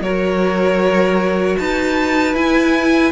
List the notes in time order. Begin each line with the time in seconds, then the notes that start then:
0.00 F#3 F#4 A#4 C#5
1.58 D#4 B4 A5
2.34 E4 G#5